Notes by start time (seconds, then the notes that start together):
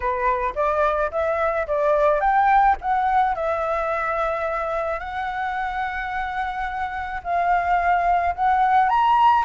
0.00 B4
0.55 D5
1.11 E5
1.67 D5
2.20 G5
2.81 F#5
3.35 E5
4.99 F#5
7.23 F5
8.35 F#5
8.89 A#5